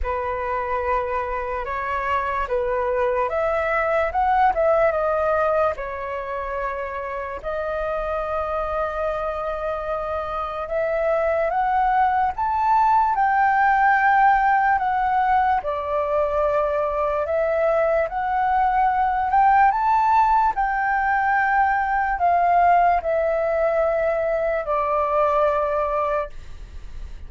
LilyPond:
\new Staff \with { instrumentName = "flute" } { \time 4/4 \tempo 4 = 73 b'2 cis''4 b'4 | e''4 fis''8 e''8 dis''4 cis''4~ | cis''4 dis''2.~ | dis''4 e''4 fis''4 a''4 |
g''2 fis''4 d''4~ | d''4 e''4 fis''4. g''8 | a''4 g''2 f''4 | e''2 d''2 | }